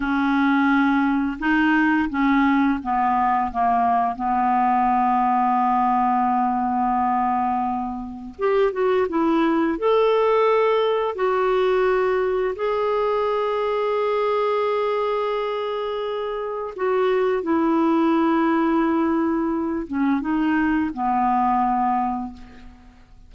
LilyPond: \new Staff \with { instrumentName = "clarinet" } { \time 4/4 \tempo 4 = 86 cis'2 dis'4 cis'4 | b4 ais4 b2~ | b1 | g'8 fis'8 e'4 a'2 |
fis'2 gis'2~ | gis'1 | fis'4 e'2.~ | e'8 cis'8 dis'4 b2 | }